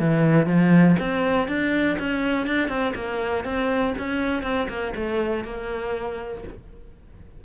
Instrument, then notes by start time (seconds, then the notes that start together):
cello
0.00 E3
0.46 F3
1.00 C4
1.48 D4
1.99 C#4
2.47 D4
2.68 C4
2.95 A#3
3.44 C4
3.98 C#4
4.43 C4
4.69 A#3
4.96 A3
5.45 A#3